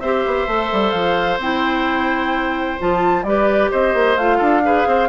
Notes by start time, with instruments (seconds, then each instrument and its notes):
0.00 bassoon C4, clarinet G4, oboe C5, flute E5
0.26 bassoon B3
0.47 bassoon A3, clarinet A4
0.72 bassoon G3
0.91 bassoon F3, flute F5
1.38 bassoon C4, clarinet E4, flute G5
2.79 bassoon F3, clarinet F4, flute A5
3.23 bassoon G3, clarinet G4, oboe B4, flute D5
3.71 bassoon C4, oboe C5, flute D#5
3.94 bassoon A#3
4.17 bassoon A3, clarinet F4, flute F5
4.38 bassoon D4, oboe A4
4.63 clarinet G#4, oboe B4
4.86 bassoon C4, oboe C5